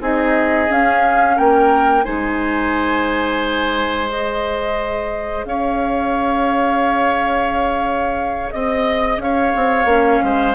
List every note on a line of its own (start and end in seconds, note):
0.00 0.68 C4
0.00 0.68 D#4
0.00 1.36 G#4
0.00 0.72 D#5
0.69 2.04 C#4
0.69 1.38 C#4
0.69 1.37 F5
1.36 2.06 A#3
1.36 2.04 A#4
1.36 2.04 G5
2.04 5.45 G#3
2.04 4.08 D#4
2.04 5.45 C5
2.04 4.09 G#5
4.08 9.87 G#4
4.08 5.44 D#5
5.44 8.52 C#4
5.44 8.54 C#5
5.44 8.51 F5
8.51 9.18 C4
8.51 9.19 D#5
8.51 9.22 D#5
9.18 9.52 C#4
9.18 10.24 C#5
9.18 10.55 F5
9.56 9.85 C4
9.85 10.19 A#3
9.85 10.55 C#4
10.23 10.55 G#3
10.23 10.55 C5